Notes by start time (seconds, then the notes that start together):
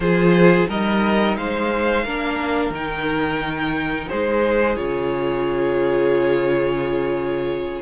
0.00 F3 F4 G#4 C5
0.68 G3 D#4 A#4 D#5
1.37 G#3 C5 F5
2.04 A#3 D4 A#4
2.69 D#3 D#4 G5
4.08 G#3 G#4 C5
4.76 C#3 F4 C#5